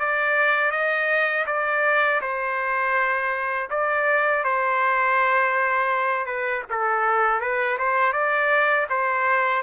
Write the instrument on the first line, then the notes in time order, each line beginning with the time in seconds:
trumpet
0.00 D5
0.71 D#5
1.47 D5
2.22 C5
3.70 D5
4.44 C5
6.27 B4
6.70 A4
7.41 B4
7.78 C5
8.13 D5
8.90 C5